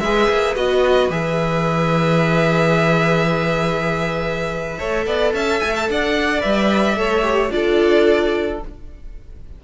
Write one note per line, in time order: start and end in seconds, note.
0.00 0.28 G#3
0.00 0.56 G#4
0.00 4.78 B4
0.00 0.55 E5
0.29 0.56 A#3
0.56 1.10 B3
0.56 1.10 F#4
0.56 1.11 D#5
1.10 4.78 E3
1.10 4.78 G#4
1.10 5.34 E5
4.78 5.06 A3
4.78 6.40 A4
4.78 5.06 C#5
5.06 5.33 B3
5.06 5.33 D5
5.33 5.61 C#4
5.33 5.88 E5
5.33 5.60 A5
5.60 5.89 A3
5.60 5.74 G#5
5.76 5.90 A5
5.89 6.44 D4
5.89 6.98 D5
5.89 6.42 F#5
6.40 6.96 G3
6.40 6.95 B4
6.40 7.51 E5
6.96 7.50 A3
6.96 7.23 A4
6.96 7.53 C#5
7.23 7.50 G4
7.50 8.59 D4
7.50 8.59 F4
7.50 8.64 A4
7.50 8.60 D5